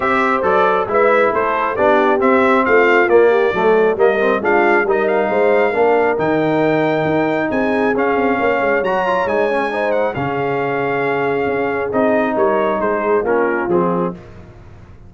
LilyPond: <<
  \new Staff \with { instrumentName = "trumpet" } { \time 4/4 \tempo 4 = 136 e''4 d''4 e''4 c''4 | d''4 e''4 f''4 d''4~ | d''4 dis''4 f''4 dis''8 f''8~ | f''2 g''2~ |
g''4 gis''4 f''2 | ais''4 gis''4. fis''8 f''4~ | f''2. dis''4 | cis''4 c''4 ais'4 gis'4 | }
  \new Staff \with { instrumentName = "horn" } { \time 4/4 c''2 b'4 a'4 | g'2 f'4. g'8 | a'4 ais'4 f'4 ais'4 | c''4 ais'2.~ |
ais'4 gis'2 cis''4~ | cis''2 c''4 gis'4~ | gis'1 | ais'4 gis'4 f'2 | }
  \new Staff \with { instrumentName = "trombone" } { \time 4/4 g'4 a'4 e'2 | d'4 c'2 ais4 | a4 ais8 c'8 d'4 dis'4~ | dis'4 d'4 dis'2~ |
dis'2 cis'2 | fis'8 f'8 dis'8 cis'8 dis'4 cis'4~ | cis'2. dis'4~ | dis'2 cis'4 c'4 | }
  \new Staff \with { instrumentName = "tuba" } { \time 4/4 c'4 fis4 gis4 a4 | b4 c'4 a4 ais4 | fis4 g4 gis4 g4 | gis4 ais4 dis2 |
dis'4 c'4 cis'8 c'8 ais8 gis8 | fis4 gis2 cis4~ | cis2 cis'4 c'4 | g4 gis4 ais4 f4 | }
>>